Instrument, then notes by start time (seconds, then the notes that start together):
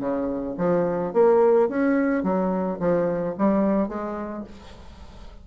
bassoon
0.00 C#3
0.58 F3
1.13 A#3
1.69 C#4
2.23 F#3
2.80 F3
3.38 G3
3.89 G#3